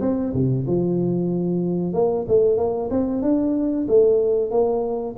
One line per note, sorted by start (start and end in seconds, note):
0.00 0.32 C4
0.33 0.65 C3
0.67 1.93 F3
1.93 2.25 A#3
2.28 2.57 A3
2.57 2.89 A#3
2.90 3.22 C4
3.22 3.87 D4
3.88 4.51 A3
4.51 5.15 A#3